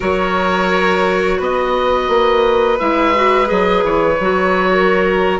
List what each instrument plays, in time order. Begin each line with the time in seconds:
0.00 bassoon F#3, clarinet F#4, violin A#4, oboe C#5
1.38 bassoon B3, violin B4, oboe D#5
2.08 bassoon A#3
2.79 bassoon G#3, clarinet E4, oboe E5
3.14 clarinet F#4
3.44 bassoon F#3, clarinet G#4, oboe D#5
3.83 bassoon E3, oboe C#5
4.19 bassoon F#3, clarinet F#4
4.72 violin A#4